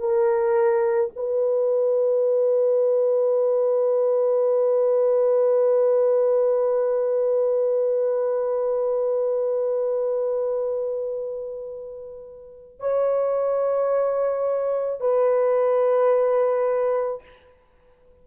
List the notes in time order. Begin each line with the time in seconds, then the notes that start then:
0.00 A#4
1.16 B4
12.80 C#5
15.01 B4